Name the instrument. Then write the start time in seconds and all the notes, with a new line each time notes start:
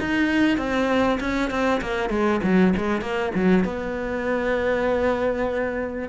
cello
0.00 D#4
0.58 C4
1.21 C#4
1.51 C4
1.81 A#3
2.10 G#3
2.44 F#3
2.77 G#3
3.02 A#3
3.35 F#3
3.65 B3